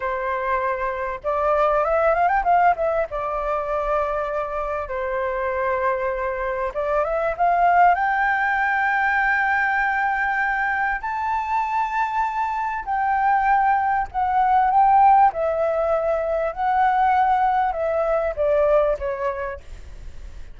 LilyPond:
\new Staff \with { instrumentName = "flute" } { \time 4/4 \tempo 4 = 98 c''2 d''4 e''8 f''16 g''16 | f''8 e''8 d''2. | c''2. d''8 e''8 | f''4 g''2.~ |
g''2 a''2~ | a''4 g''2 fis''4 | g''4 e''2 fis''4~ | fis''4 e''4 d''4 cis''4 | }